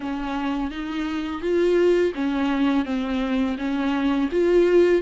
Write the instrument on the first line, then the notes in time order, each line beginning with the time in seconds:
viola
0.00 C#4
0.70 D#4
1.41 F4
2.14 C#4
2.85 C4
3.57 C#4
4.31 F4